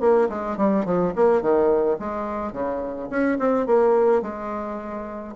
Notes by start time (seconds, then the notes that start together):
0.00 A#3
0.29 G#3
0.57 G3
0.85 F3
1.15 A#3
1.41 D#3
1.99 G#3
2.52 C#3
3.10 C#4
3.38 C4
3.66 A#3
4.22 G#3